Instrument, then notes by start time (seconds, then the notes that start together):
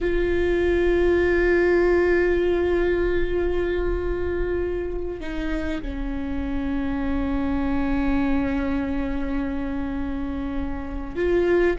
viola
0.01 F4
5.20 D#4
5.82 C#4
11.15 F4